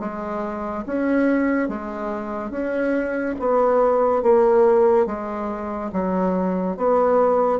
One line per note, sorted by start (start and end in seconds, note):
0.00 0.85 G#3
0.86 1.69 C#4
1.69 2.51 G#3
2.51 3.35 C#4
3.39 4.23 B3
4.23 5.06 A#3
5.06 5.91 G#3
5.92 6.77 F#3
6.77 7.59 B3